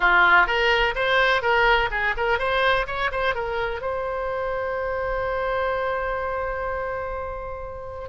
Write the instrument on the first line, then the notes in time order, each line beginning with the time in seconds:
oboe
0.00 F4
0.46 A#4
0.95 C5
1.42 A#4
1.90 G#4
2.17 A#4
2.39 C5
2.86 C#5
3.11 C5
3.34 A#4
3.81 C5